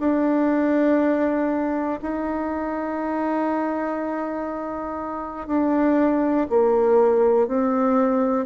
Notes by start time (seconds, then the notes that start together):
0.00 D4
2.02 D#4
5.48 D4
6.50 A#3
7.48 C4